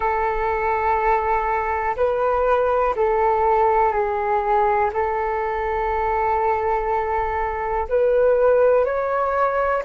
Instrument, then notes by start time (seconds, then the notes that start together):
flute
0.00 A4
1.96 B4
2.96 A4
3.92 G#4
4.93 A4
7.88 B4
8.84 C#5